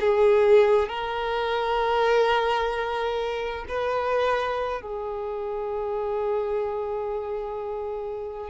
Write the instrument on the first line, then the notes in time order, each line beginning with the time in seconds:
violin
0.00 G#4
0.88 A#4
3.68 B4
4.81 G#4